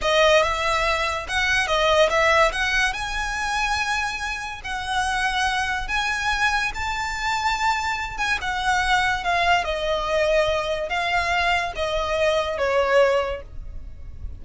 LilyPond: \new Staff \with { instrumentName = "violin" } { \time 4/4 \tempo 4 = 143 dis''4 e''2 fis''4 | dis''4 e''4 fis''4 gis''4~ | gis''2. fis''4~ | fis''2 gis''2 |
a''2.~ a''8 gis''8 | fis''2 f''4 dis''4~ | dis''2 f''2 | dis''2 cis''2 | }